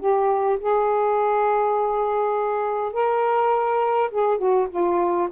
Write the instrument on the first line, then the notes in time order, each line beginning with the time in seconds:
saxophone
0.00 G4
0.60 G#4
2.93 A#4
4.11 G#4
4.39 F#4
4.70 F4